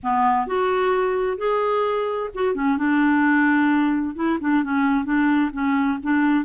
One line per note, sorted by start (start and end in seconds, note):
0.03 0.46 B3
0.46 1.37 F#4
1.37 2.30 G#4
2.34 2.54 F#4
2.54 2.77 C#4
2.77 4.15 D4
4.15 4.38 E4
4.40 4.63 D4
4.63 5.04 C#4
5.04 5.50 D4
5.52 5.99 C#4
6.03 6.44 D4